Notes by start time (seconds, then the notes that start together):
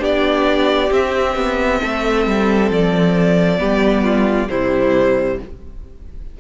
0.00 B3 D4 G4 D5
0.91 C4 E5
1.36 B3
1.82 A3 A4
2.27 G3
2.71 F3 D5
3.58 G3 B3 G4
4.04 F4
4.49 C3 G3 E4 C5